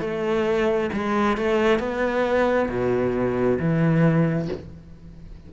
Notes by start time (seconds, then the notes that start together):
0.00 A3
0.92 G#3
1.37 A3
1.79 B3
2.69 B2
3.59 E3